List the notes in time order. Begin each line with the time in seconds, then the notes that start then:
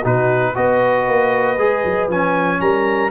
0.00 B2 D#4 F#4 B4
0.54 B3 F#4 B4 D#5
1.07 A#3
1.58 G#3 G#4
1.84 F#3
2.07 F3 C#4 G#5
2.60 G3 A#4 A#5